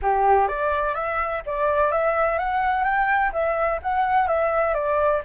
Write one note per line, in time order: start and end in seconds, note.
0.02 0.48 G4
0.48 0.94 D5
0.94 1.42 E5
1.46 1.91 D5
1.91 2.38 E5
2.38 2.84 F#5
2.84 3.31 G5
3.32 3.79 E5
3.82 4.27 F#5
4.27 4.73 E5
4.73 5.21 D5